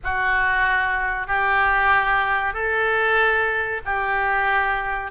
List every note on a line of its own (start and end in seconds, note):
0.03 1.27 F#4
1.27 2.53 G4
2.53 3.81 A4
3.85 5.11 G4